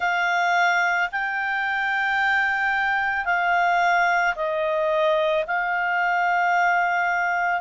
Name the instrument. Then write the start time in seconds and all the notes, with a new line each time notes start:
clarinet
0.00 F5
1.11 G5
3.25 F5
4.35 D#5
5.46 F5